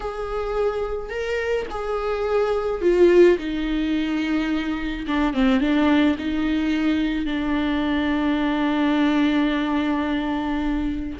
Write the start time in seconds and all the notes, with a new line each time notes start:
0.00 G#4
1.09 A#4
1.70 G#4
2.81 F4
3.37 D#4
5.07 D4
5.33 C4
5.60 D4
6.18 D#4
7.25 D4